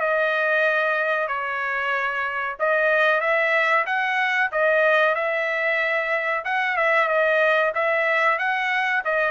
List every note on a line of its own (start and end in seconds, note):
0.00 1.28 D#5
1.28 2.57 C#5
2.59 3.20 D#5
3.20 3.85 E5
3.86 4.51 F#5
4.52 5.15 D#5
5.15 6.44 E5
6.45 6.77 F#5
6.77 7.08 E5
7.08 7.73 D#5
7.74 8.38 E5
8.38 9.03 F#5
9.04 9.31 D#5